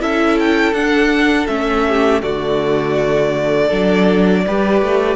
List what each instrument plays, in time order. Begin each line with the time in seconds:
0.00 cello C#4, viola E4, violin A4 E5
0.39 violin G5
0.73 cello D4, viola D4, violin F#5
1.47 cello A3, viola C#4, violin E5
1.88 violin G4
2.21 cello D3, viola A3, violin F#4 D5
3.67 cello F#3, viola D4, violin A4
4.47 cello G3, viola G4, violin B4
4.82 cello A3